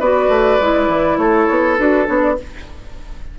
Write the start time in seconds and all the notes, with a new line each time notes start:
0.00 B3 F#4 B4 D5
0.29 A3
0.60 G#3 E4
0.88 E3
1.18 A3 A4 C#5
1.50 B3
1.79 D4 F#4 B4
2.06 B3 D4 C#5
2.22 D5